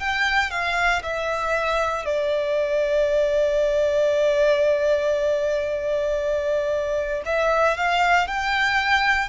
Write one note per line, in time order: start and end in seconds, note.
0.00 0.50 G5
0.50 1.02 F5
1.03 2.05 E5
2.05 7.23 D5
7.26 7.77 E5
7.77 8.27 F5
8.27 9.29 G5